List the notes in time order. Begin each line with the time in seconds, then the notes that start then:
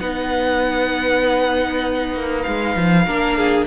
0.00 B3 D#4 B4 F#5
2.14 A#3
2.42 G#3 F5
2.76 F3
3.07 A#3 D4 A#4
3.38 G#4